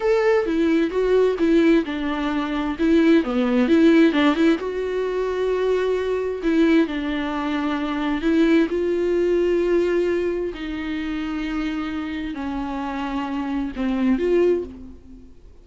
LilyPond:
\new Staff \with { instrumentName = "viola" } { \time 4/4 \tempo 4 = 131 a'4 e'4 fis'4 e'4 | d'2 e'4 b4 | e'4 d'8 e'8 fis'2~ | fis'2 e'4 d'4~ |
d'2 e'4 f'4~ | f'2. dis'4~ | dis'2. cis'4~ | cis'2 c'4 f'4 | }